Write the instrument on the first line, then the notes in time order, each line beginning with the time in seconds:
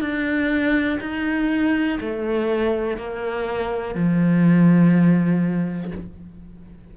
cello
0.00 D4
1.00 D#4
2.00 A3
2.96 A#3
3.94 F3